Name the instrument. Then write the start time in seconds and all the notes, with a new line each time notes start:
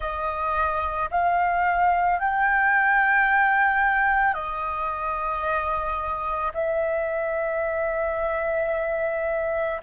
flute
0.00 D#5
1.11 F5
2.19 G5
4.33 D#5
6.54 E5